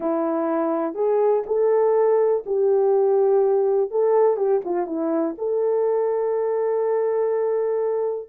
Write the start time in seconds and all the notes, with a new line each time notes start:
0.00 E4
0.94 G#4
1.46 A4
2.45 G4
3.90 A4
4.36 G4
4.65 F4
4.86 E4
5.38 A4